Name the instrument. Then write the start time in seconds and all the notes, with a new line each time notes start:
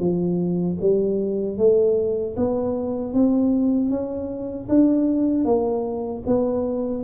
tuba
0.00 F3
0.81 G3
1.58 A3
2.37 B3
3.14 C4
3.91 C#4
4.69 D4
5.45 A#3
6.27 B3